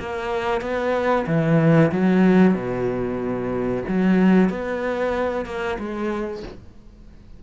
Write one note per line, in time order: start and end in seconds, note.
0.00 0.62 A#3
0.62 1.26 B3
1.27 1.92 E3
1.92 2.55 F#3
2.55 3.84 B2
3.88 4.50 F#3
4.50 5.46 B3
5.46 5.78 A#3
5.79 6.44 G#3